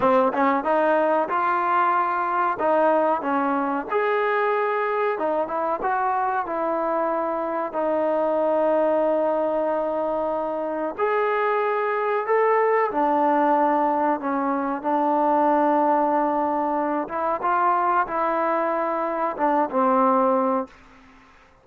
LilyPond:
\new Staff \with { instrumentName = "trombone" } { \time 4/4 \tempo 4 = 93 c'8 cis'8 dis'4 f'2 | dis'4 cis'4 gis'2 | dis'8 e'8 fis'4 e'2 | dis'1~ |
dis'4 gis'2 a'4 | d'2 cis'4 d'4~ | d'2~ d'8 e'8 f'4 | e'2 d'8 c'4. | }